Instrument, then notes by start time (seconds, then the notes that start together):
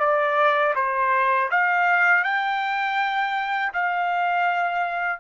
trumpet
0.00 D5
0.76 C5
1.51 F5
2.24 G5
3.74 F5